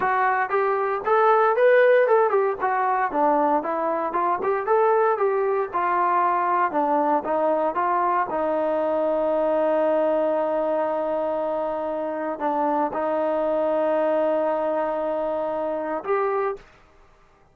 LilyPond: \new Staff \with { instrumentName = "trombone" } { \time 4/4 \tempo 4 = 116 fis'4 g'4 a'4 b'4 | a'8 g'8 fis'4 d'4 e'4 | f'8 g'8 a'4 g'4 f'4~ | f'4 d'4 dis'4 f'4 |
dis'1~ | dis'1 | d'4 dis'2.~ | dis'2. g'4 | }